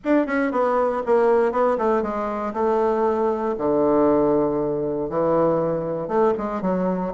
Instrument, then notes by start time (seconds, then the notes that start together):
bassoon
0.04 D4
0.26 C#4
0.51 B3
1.05 A#3
1.51 B3
1.78 A3
2.02 G#3
2.53 A3
3.58 D3
5.09 E3
6.07 A3
6.37 G#3
6.61 F#3